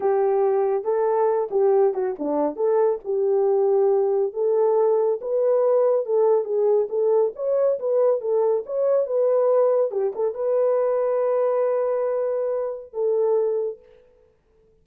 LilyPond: \new Staff \with { instrumentName = "horn" } { \time 4/4 \tempo 4 = 139 g'2 a'4. g'8~ | g'8 fis'8 d'4 a'4 g'4~ | g'2 a'2 | b'2 a'4 gis'4 |
a'4 cis''4 b'4 a'4 | cis''4 b'2 g'8 a'8 | b'1~ | b'2 a'2 | }